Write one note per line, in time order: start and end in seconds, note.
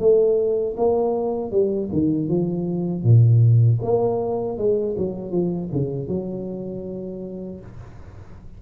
0.00 0.76 A3
0.77 1.52 A#3
1.52 1.90 G3
1.93 2.29 D#3
2.29 3.04 F3
3.04 3.80 A#2
3.82 4.58 A#3
4.58 4.96 G#3
4.98 5.32 F#3
5.32 5.70 F3
5.73 6.09 C#3
6.09 7.61 F#3